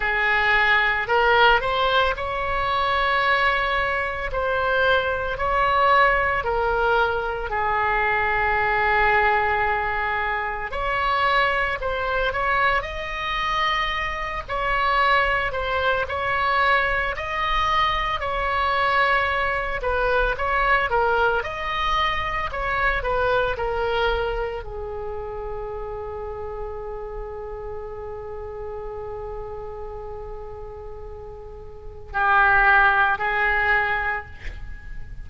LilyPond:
\new Staff \with { instrumentName = "oboe" } { \time 4/4 \tempo 4 = 56 gis'4 ais'8 c''8 cis''2 | c''4 cis''4 ais'4 gis'4~ | gis'2 cis''4 c''8 cis''8 | dis''4. cis''4 c''8 cis''4 |
dis''4 cis''4. b'8 cis''8 ais'8 | dis''4 cis''8 b'8 ais'4 gis'4~ | gis'1~ | gis'2 g'4 gis'4 | }